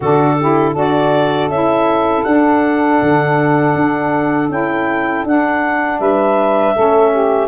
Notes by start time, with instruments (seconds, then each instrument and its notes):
0.00 tuba D3, saxophone D4 F#4, clarinet A4
0.38 saxophone E4 G4
0.71 tuba D4, saxophone F#4 A4
0.78 clarinet D5
1.48 tuba C#4, saxophone E4, clarinet E5
2.23 tuba D4, saxophone D4, clarinet F#5
3.01 tuba D3
3.74 tuba D4
4.49 tuba C#4, saxophone E4, clarinet G5
5.24 tuba D4, saxophone D4, clarinet F#5
5.99 tuba G3, saxophone B4, clarinet E5
6.74 tuba A3, saxophone C#4 A4
7.11 saxophone G4